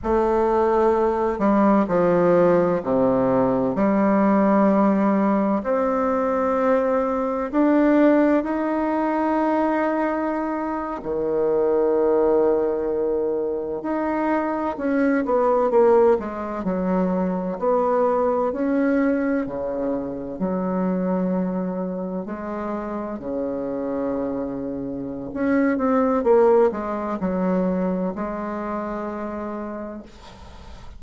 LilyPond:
\new Staff \with { instrumentName = "bassoon" } { \time 4/4 \tempo 4 = 64 a4. g8 f4 c4 | g2 c'2 | d'4 dis'2~ dis'8. dis16~ | dis2~ dis8. dis'4 cis'16~ |
cis'16 b8 ais8 gis8 fis4 b4 cis'16~ | cis'8. cis4 fis2 gis16~ | gis8. cis2~ cis16 cis'8 c'8 | ais8 gis8 fis4 gis2 | }